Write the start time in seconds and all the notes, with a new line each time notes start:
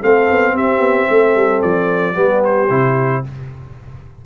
0.00 A3 C4 A4 F5
0.31 B3
0.54 C4 G4 E5
0.79 B3
1.08 A3 A4
1.35 G3
1.62 F3 D5
2.14 G3 B3 G4
2.44 C5
2.70 C3 E4